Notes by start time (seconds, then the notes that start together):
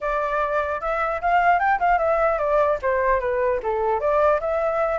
0.00 D5
0.80 E5
1.21 F5
1.59 G5
1.79 F5
1.98 E5
2.38 D5
2.82 C5
3.20 B4
3.63 A4
4.00 D5
4.40 E5